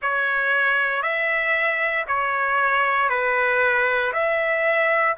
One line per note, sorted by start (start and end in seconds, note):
0.01 1.02 C#5
1.02 2.05 E5
2.07 3.08 C#5
3.08 4.12 B4
4.12 5.16 E5